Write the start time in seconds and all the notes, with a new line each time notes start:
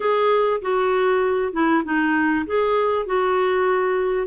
0.00 G#4
0.61 F#4
1.52 E4
1.84 D#4
2.46 G#4
3.06 F#4